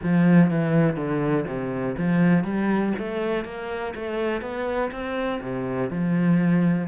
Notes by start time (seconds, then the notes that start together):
0.02 F3
0.50 E3
0.96 D3
1.47 C3
1.97 F3
2.43 G3
2.98 A3
3.44 A#3
3.95 A3
4.41 B3
4.91 C4
5.41 C3
5.89 F3